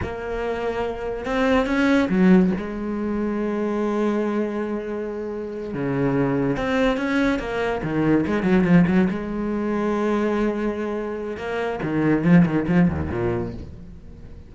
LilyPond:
\new Staff \with { instrumentName = "cello" } { \time 4/4 \tempo 4 = 142 ais2. c'4 | cis'4 fis4 gis2~ | gis1~ | gis4. cis2 c'8~ |
c'8 cis'4 ais4 dis4 gis8 | fis8 f8 fis8 gis2~ gis8~ | gis2. ais4 | dis4 f8 dis8 f8 dis,8 ais,4 | }